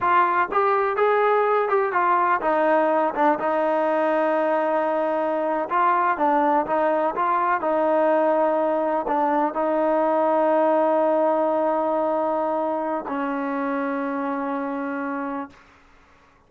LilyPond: \new Staff \with { instrumentName = "trombone" } { \time 4/4 \tempo 4 = 124 f'4 g'4 gis'4. g'8 | f'4 dis'4. d'8 dis'4~ | dis'2.~ dis'8. f'16~ | f'8. d'4 dis'4 f'4 dis'16~ |
dis'2~ dis'8. d'4 dis'16~ | dis'1~ | dis'2. cis'4~ | cis'1 | }